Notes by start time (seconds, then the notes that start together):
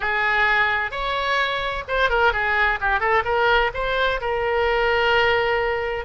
0.00 G#4
0.91 C#5
1.88 C5
2.09 A#4
2.32 G#4
2.81 G4
3.00 A4
3.24 A#4
3.74 C5
4.20 A#4